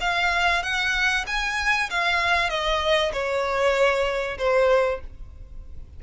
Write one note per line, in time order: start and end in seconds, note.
0.00 0.62 F5
0.62 1.25 F#5
1.27 1.89 G#5
1.89 2.49 F5
2.49 3.12 D#5
3.12 4.37 C#5
4.38 5.00 C5